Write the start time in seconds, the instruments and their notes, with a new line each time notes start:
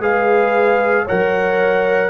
0.00 tuba G#3, trombone G#4, horn B4, trumpet F5
1.04 trombone A#4, horn C#5, trumpet F#5
1.11 tuba F#3